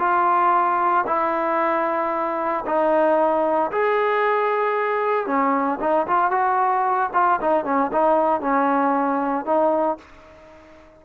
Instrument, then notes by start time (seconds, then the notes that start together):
trombone
0.00 F4
1.07 E4
2.66 D#4
3.72 G#4
5.27 C#4
5.81 D#4
6.07 F4
6.32 F#4
7.14 F4
7.42 D#4
7.65 C#4
7.93 D#4
8.42 C#4
9.46 D#4